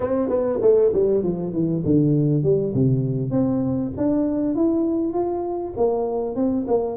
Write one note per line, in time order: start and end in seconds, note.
0.00 0.29 C4
0.29 0.59 B3
0.61 0.92 A3
0.93 1.23 G3
1.23 1.53 F3
1.53 1.83 E3
1.85 2.43 D3
2.43 2.73 G3
2.74 3.31 C3
3.31 3.91 C4
3.97 4.55 D4
4.55 5.13 E4
5.13 5.73 F4
5.77 6.35 A#3
6.35 6.66 C4
6.67 6.96 A#3